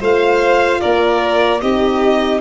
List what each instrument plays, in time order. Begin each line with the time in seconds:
0.00 tuba A3, horn F4, violin C5 F5
0.81 tuba A#3, violin A#4 D5
1.60 tuba C4, horn D#4, violin G4 D#5